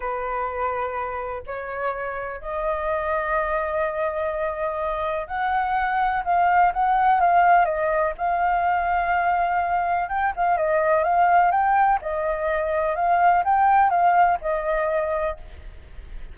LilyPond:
\new Staff \with { instrumentName = "flute" } { \time 4/4 \tempo 4 = 125 b'2. cis''4~ | cis''4 dis''2.~ | dis''2. fis''4~ | fis''4 f''4 fis''4 f''4 |
dis''4 f''2.~ | f''4 g''8 f''8 dis''4 f''4 | g''4 dis''2 f''4 | g''4 f''4 dis''2 | }